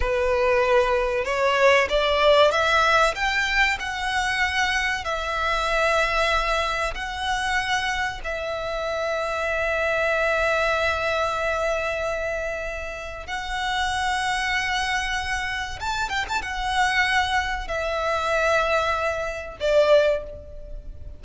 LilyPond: \new Staff \with { instrumentName = "violin" } { \time 4/4 \tempo 4 = 95 b'2 cis''4 d''4 | e''4 g''4 fis''2 | e''2. fis''4~ | fis''4 e''2.~ |
e''1~ | e''4 fis''2.~ | fis''4 a''8 g''16 a''16 fis''2 | e''2. d''4 | }